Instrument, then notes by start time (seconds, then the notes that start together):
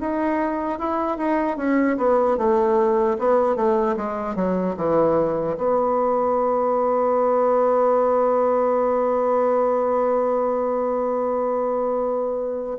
bassoon
0.00 D#4
0.79 E4
1.17 D#4
1.57 C#4
1.97 B3
2.37 A3
3.18 B3
3.56 A3
3.96 G#3
4.35 F#3
4.76 E3
5.57 B3